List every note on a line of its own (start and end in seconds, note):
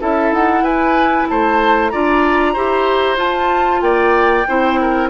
0.00 0.32 C#4
0.00 1.91 E4
0.00 0.63 A4
0.00 0.33 E5
0.32 0.61 D#4
0.32 0.64 F#5
0.61 1.25 E4
0.61 1.27 B4
0.61 1.28 G#5
1.29 1.93 A3
1.29 1.92 C5
1.29 1.89 A5
1.89 2.56 D4
1.89 2.55 F4
1.89 2.53 D5
1.89 3.17 A#5
2.53 3.17 E4
2.53 3.16 G4
2.53 3.80 C5
3.16 4.44 F4
3.16 3.81 F4
3.16 3.82 A5
3.81 4.45 A#3
3.81 4.47 D5
3.81 5.09 G5
4.48 5.09 C4
4.48 5.09 E4
4.48 4.80 C5
4.81 5.09 A#4